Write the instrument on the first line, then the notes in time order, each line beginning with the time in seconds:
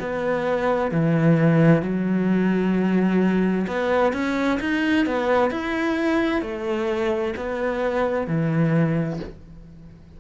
cello
0.00 B3
0.92 E3
1.82 F#3
3.68 B3
4.13 C#4
4.60 D#4
5.06 B3
5.51 E4
6.42 A3
7.36 B3
8.28 E3